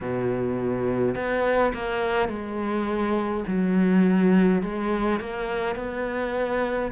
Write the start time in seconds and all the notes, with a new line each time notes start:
0.00 B2
1.15 B3
1.73 A#3
2.28 G#3
3.47 F#3
4.62 G#3
5.19 A#3
5.75 B3